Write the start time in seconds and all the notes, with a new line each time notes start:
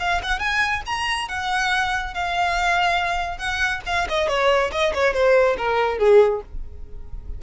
0.00 F5
0.23 F#5
0.40 G#5
0.86 A#5
1.29 F#5
2.15 F5
3.38 F#5
3.86 F5
4.09 D#5
4.28 C#5
4.72 D#5
4.94 C#5
5.14 C5
5.58 A#4
5.99 G#4